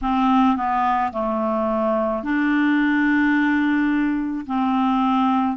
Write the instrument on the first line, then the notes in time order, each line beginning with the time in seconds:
clarinet
0.02 C4
0.56 B3
1.12 A3
2.23 D4
4.46 C4